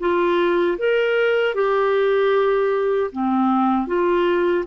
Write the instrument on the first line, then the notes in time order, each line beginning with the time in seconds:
clarinet
0.00 F4
0.78 A#4
1.55 G4
3.12 C4
3.87 F4